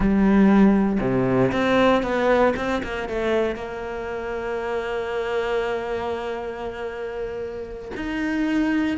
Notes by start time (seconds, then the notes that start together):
0.00 G3
1.00 C3
1.52 C4
2.02 B3
2.56 C4
2.83 A#3
3.08 A3
3.55 A#3
7.96 D#4